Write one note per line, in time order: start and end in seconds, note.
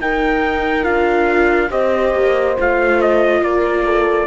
0.00 0.85 D#4
0.00 0.83 D#4
0.00 1.71 A#4
0.00 0.85 G5
0.83 1.71 D4
0.83 1.69 F4
0.83 1.70 F5
1.70 2.14 C4
1.70 2.56 G4
1.70 3.42 C5
1.70 2.57 D#5
2.14 2.57 A#3
2.58 3.42 A3
2.58 4.27 F4
2.58 3.02 F5
3.02 3.44 D#5
3.42 4.27 A#3
3.42 3.85 A#4
3.42 4.27 D5
3.85 4.27 A4